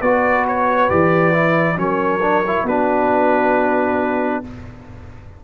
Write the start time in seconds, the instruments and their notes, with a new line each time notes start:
0.00 tuba B3, trombone F#4, horn B4, trumpet D5
0.47 trumpet C#5
0.89 tuba E3, trombone G4, trumpet D5
1.33 trombone E4
1.76 tuba F#3, trombone C#4, horn A#4, trumpet C#5
2.21 trombone D4
2.46 trombone E4
2.63 tuba B3, trombone D4, horn F#4, trumpet B4